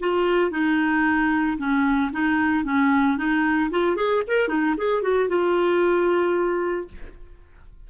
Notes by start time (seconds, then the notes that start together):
0.00 F4
0.51 D#4
1.58 C#4
2.13 D#4
2.65 C#4
3.18 D#4
3.71 F4
3.96 G#4
4.28 A#4
4.49 D#4
4.78 G#4
5.02 F#4
5.29 F4